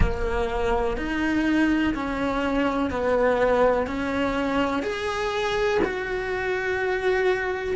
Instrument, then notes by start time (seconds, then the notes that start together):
cello
0.00 A#3
0.97 D#4
1.94 C#4
2.90 B3
3.87 C#4
4.82 G#4
5.84 F#4